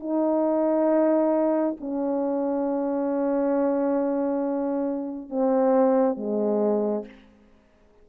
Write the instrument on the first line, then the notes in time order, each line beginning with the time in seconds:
horn
0.00 D#4
1.80 C#4
5.30 C4
6.17 G#3